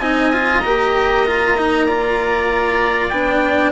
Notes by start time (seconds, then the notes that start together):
0.00 C4 D#4 D#5 G#5
0.34 F4
0.60 A#3 G4 A#5
1.27 F4
1.58 D#4
1.87 F4 D5
3.10 B3 D4 G5